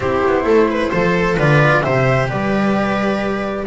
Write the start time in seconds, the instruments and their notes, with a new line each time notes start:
0.00 double bass C4, cello E4, viola G4, flute C5
0.26 double bass B3
0.44 double bass A3, viola A4
0.71 viola B4
0.90 double bass F3, cello A4, viola C5
1.36 double bass D3, cello F4, viola B4, flute D5
1.81 double bass C3, cello G4, viola C5, flute E5
2.28 double bass G3, viola B4, flute D5